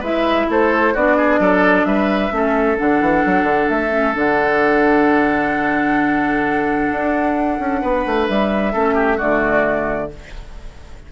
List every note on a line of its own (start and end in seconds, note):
0.00 0.47 G#3
0.00 0.95 E4
0.00 0.46 B4
0.00 0.50 E5
0.49 0.95 A3
0.49 0.94 A4
0.49 0.96 C5
0.94 1.40 B3
0.94 2.31 D4
0.94 1.17 F#4
0.94 1.85 D5
1.17 1.40 G#4
1.40 1.85 F#3
1.40 1.87 A4
1.85 2.31 G3
1.85 2.33 B4
1.85 2.77 E5
2.31 2.78 A3
2.31 2.77 C#4
2.31 7.82 A4
2.77 3.01 D3
2.77 3.90 D4
2.77 3.69 F#5
3.01 3.24 E3
3.25 3.44 F#3
3.44 3.67 D3
3.69 4.16 A3
3.69 4.15 E5
3.90 4.13 C#4
4.14 6.91 D3
4.14 8.72 D4
4.14 8.27 F#5
6.91 7.59 D4
7.59 7.82 C#4
7.82 8.06 B3
7.82 8.73 B4
8.06 8.29 A3
8.27 8.75 G3
8.27 9.19 E5
8.73 9.21 A3
8.73 9.19 C#4
8.73 8.94 A4
8.94 9.17 G4
9.17 10.12 D3
9.17 10.10 A3
9.17 10.09 F#4
9.17 10.11 D5